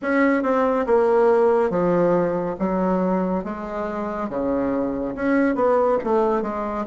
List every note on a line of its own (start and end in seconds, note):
0.02 0.42 C#4
0.42 0.85 C4
0.86 1.69 A#3
1.69 2.55 F3
2.59 3.44 F#3
3.44 4.29 G#3
4.29 5.14 C#3
5.15 5.55 C#4
5.55 5.98 B3
6.04 6.42 A3
6.42 6.85 G#3